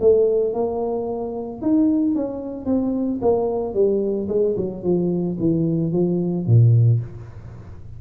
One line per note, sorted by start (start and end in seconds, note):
0.00 0.53 A3
0.53 1.61 A#3
1.61 2.15 D#4
2.15 2.65 C#4
2.65 3.19 C4
3.21 3.74 A#3
3.74 4.28 G3
4.28 4.55 G#3
4.57 4.83 F#3
4.83 5.37 F3
5.39 5.92 E3
5.92 6.46 F3
6.46 7.00 A#2